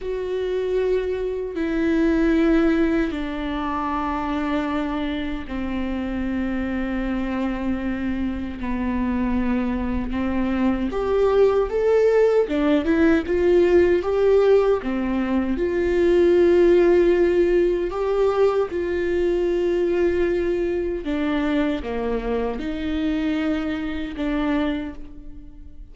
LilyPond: \new Staff \with { instrumentName = "viola" } { \time 4/4 \tempo 4 = 77 fis'2 e'2 | d'2. c'4~ | c'2. b4~ | b4 c'4 g'4 a'4 |
d'8 e'8 f'4 g'4 c'4 | f'2. g'4 | f'2. d'4 | ais4 dis'2 d'4 | }